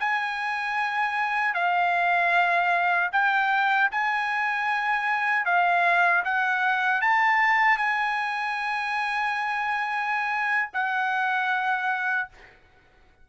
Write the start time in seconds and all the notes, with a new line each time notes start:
0.00 G#5
1.54 F5
3.12 G5
3.91 G#5
5.45 F5
6.25 F#5
7.02 A5
7.77 G#5
10.73 F#5